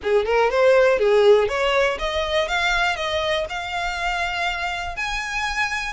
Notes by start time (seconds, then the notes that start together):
0.02 G#4
0.25 A#4
0.50 C5
0.98 G#4
1.48 C#5
1.99 D#5
2.47 F5
2.96 D#5
3.49 F5
4.96 G#5